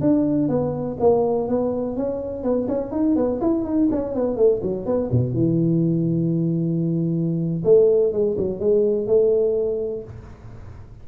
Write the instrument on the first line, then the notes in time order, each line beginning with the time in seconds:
tuba
0.00 D4
0.48 B3
0.99 A#3
1.48 B3
1.96 C#4
2.43 B3
2.68 C#4
2.91 D#4
3.15 B3
3.41 E4
3.64 D#4
3.91 C#4
4.14 B3
4.36 A3
4.62 F#3
4.85 B3
5.11 B2
5.33 E3
7.64 A3
8.12 G#3
8.37 F#3
8.60 G#3
9.07 A3